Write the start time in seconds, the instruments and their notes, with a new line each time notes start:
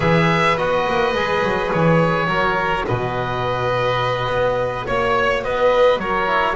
0.00 double bass E3, trombone G#4, violin B4, oboe E5
0.57 double bass B3, trombone F#4, oboe D#5
0.87 double bass A#3
1.13 double bass G#3, trombone G#4
1.42 double bass F#3
1.72 double bass E3, oboe C#5
2.26 double bass F#3, trombone F#4, violin A#4
2.86 double bass B2, violin B4, oboe D#5
4.26 double bass B3
4.86 double bass A#3, oboe C#5, violin C#5
5.43 double bass B3, violin B4, oboe D#5
5.97 double bass F#3, violin A#4, oboe C#5
6.26 trombone E4